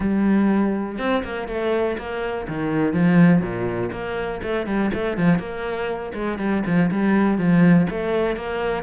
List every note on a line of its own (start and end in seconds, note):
0.00 0.98 G3
0.98 1.23 C4
1.24 1.48 A#3
1.48 1.97 A3
1.98 2.47 A#3
2.48 2.93 D#3
2.93 3.41 F3
3.41 3.91 A#2
3.92 4.41 A#3
4.42 4.66 A3
4.66 4.90 G3
4.94 5.17 A3
5.17 5.38 F3
5.38 6.12 A#3
6.14 6.38 G#3
6.38 6.63 G3
6.65 6.90 F3
6.91 7.38 G3
7.38 7.87 F3
7.89 8.36 A3
8.36 8.83 A#3